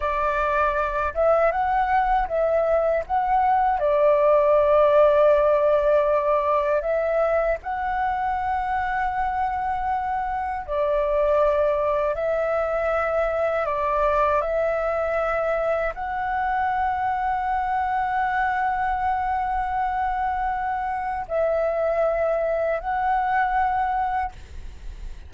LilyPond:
\new Staff \with { instrumentName = "flute" } { \time 4/4 \tempo 4 = 79 d''4. e''8 fis''4 e''4 | fis''4 d''2.~ | d''4 e''4 fis''2~ | fis''2 d''2 |
e''2 d''4 e''4~ | e''4 fis''2.~ | fis''1 | e''2 fis''2 | }